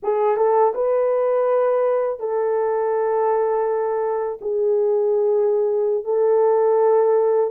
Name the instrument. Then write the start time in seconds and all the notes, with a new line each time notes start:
horn
0.02 G#4
0.36 A4
0.74 B4
2.19 A4
4.41 G#4
6.04 A4